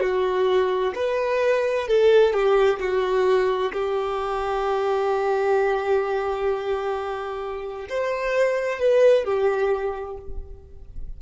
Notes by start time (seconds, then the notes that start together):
0.00 F#4
0.95 B4
1.87 A4
2.33 G4
2.79 F#4
3.72 G4
7.89 C5
8.79 B4
9.24 G4